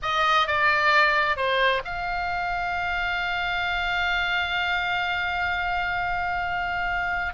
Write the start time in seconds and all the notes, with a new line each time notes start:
0.02 D#5
0.47 D5
1.36 C5
1.84 F5